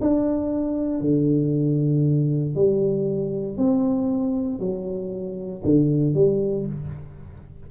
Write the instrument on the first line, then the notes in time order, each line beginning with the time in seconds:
tuba
0.00 D4
1.00 D3
2.55 G3
3.57 C4
4.59 F#3
5.63 D3
6.14 G3